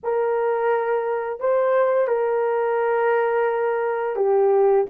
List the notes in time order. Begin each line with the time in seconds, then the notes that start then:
0.03 A#4
1.40 C5
2.07 A#4
4.15 G4